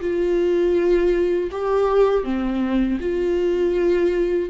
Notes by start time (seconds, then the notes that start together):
0.00 F4
1.51 G4
2.23 C4
3.00 F4